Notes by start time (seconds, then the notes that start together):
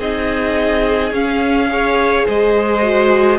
0.00 C4 D#4 G#4 D#5
1.12 C#4 F5
1.70 G#4 C#5
2.26 G#3 C5 D#5
2.82 F#4